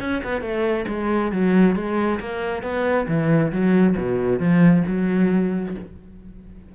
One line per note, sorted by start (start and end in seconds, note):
0.00 0.22 C#4
0.24 0.41 B3
0.41 0.85 A3
0.88 1.32 G#3
1.32 1.75 F#3
1.75 2.19 G#3
2.20 2.62 A#3
2.62 3.07 B3
3.08 3.52 E3
3.52 3.96 F#3
3.97 4.39 B2
4.39 4.83 F3
4.87 5.75 F#3